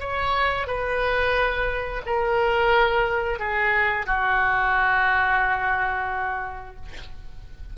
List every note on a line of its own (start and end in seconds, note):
0.00 0.67 C#5
0.67 2.02 B4
2.06 3.39 A#4
3.39 4.06 G#4
4.06 6.76 F#4